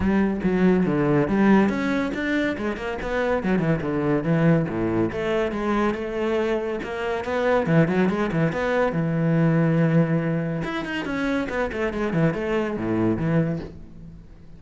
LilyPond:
\new Staff \with { instrumentName = "cello" } { \time 4/4 \tempo 4 = 141 g4 fis4 d4 g4 | cis'4 d'4 gis8 ais8 b4 | fis8 e8 d4 e4 a,4 | a4 gis4 a2 |
ais4 b4 e8 fis8 gis8 e8 | b4 e2.~ | e4 e'8 dis'8 cis'4 b8 a8 | gis8 e8 a4 a,4 e4 | }